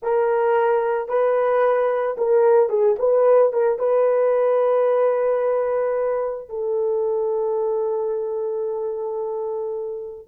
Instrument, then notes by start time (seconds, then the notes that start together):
horn
0.02 A#4
1.08 B4
2.17 A#4
2.69 G#4
2.99 B4
3.52 A#4
3.78 B4
6.49 A4